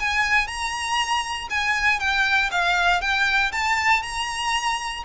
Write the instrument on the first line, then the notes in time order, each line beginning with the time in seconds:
violin
0.00 G#5
0.48 A#5
1.50 G#5
2.00 G5
2.52 F5
3.02 G5
3.52 A5
4.03 A#5